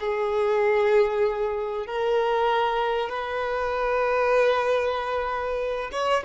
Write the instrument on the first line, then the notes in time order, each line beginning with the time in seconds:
violin
0.00 G#4
1.87 A#4
3.09 B4
5.92 C#5